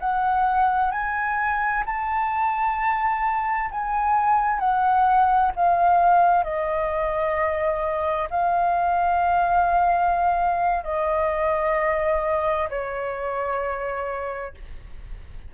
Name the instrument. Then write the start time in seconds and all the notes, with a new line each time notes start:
flute
0.00 F#5
0.91 G#5
1.86 A5
3.71 G#5
4.59 F#5
5.56 F5
6.44 D#5
8.30 F5
10.84 D#5
12.70 C#5